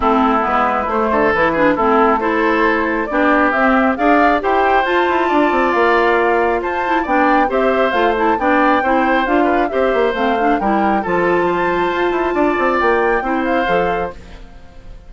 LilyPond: <<
  \new Staff \with { instrumentName = "flute" } { \time 4/4 \tempo 4 = 136 a'4 b'4 c''4 b'4 | a'4 c''2 d''4 | e''4 f''4 g''4 a''4~ | a''4 f''2 a''4 |
g''4 e''4 f''8 a''8 g''4~ | g''4 f''4 e''4 f''4 | g''4 a''2.~ | a''4 g''4. f''4. | }
  \new Staff \with { instrumentName = "oboe" } { \time 4/4 e'2~ e'8 a'4 gis'8 | e'4 a'2 g'4~ | g'4 d''4 c''2 | d''2. c''4 |
d''4 c''2 d''4 | c''4. b'8 c''2 | ais'4 a'4 c''2 | d''2 c''2 | }
  \new Staff \with { instrumentName = "clarinet" } { \time 4/4 c'4 b4 a4 e'8 d'8 | c'4 e'2 d'4 | c'4 gis'4 g'4 f'4~ | f'2.~ f'8 e'8 |
d'4 g'4 f'8 e'8 d'4 | e'4 f'4 g'4 c'8 d'8 | e'4 f'2.~ | f'2 e'4 a'4 | }
  \new Staff \with { instrumentName = "bassoon" } { \time 4/4 a4 gis4 a8 d8 e4 | a2. b4 | c'4 d'4 e'4 f'8 e'8 | d'8 c'8 ais2 f'4 |
b4 c'4 a4 b4 | c'4 d'4 c'8 ais8 a4 | g4 f2 f'8 e'8 | d'8 c'8 ais4 c'4 f4 | }
>>